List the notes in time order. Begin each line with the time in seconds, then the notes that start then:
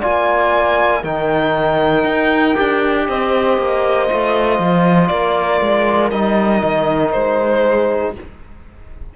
0.00 A#3 F4 D5 G#5
1.03 D#3 D#4 A#4 G5
2.04 D#4
2.55 D4 G4
3.08 C4 C5 D#5
3.57 A#3
4.07 A3 F4
4.59 F3
5.07 A#3 A#4 D5
5.61 G#3
6.10 G3 D#4 D#5
6.63 D#3
7.12 G#3 C5
7.63 G#4